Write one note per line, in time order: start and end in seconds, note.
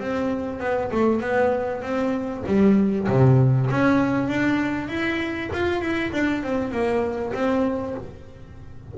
0.00 0.60 C4
0.60 0.91 B3
0.92 1.21 A3
1.21 1.82 B3
1.82 2.44 C4
2.47 3.08 G3
3.08 3.70 C3
3.71 4.28 C#4
4.28 4.89 D4
4.89 5.50 E4
5.53 5.82 F4
5.82 6.12 E4
6.13 6.43 D4
6.44 6.72 C4
6.72 7.33 A#3
7.34 7.95 C4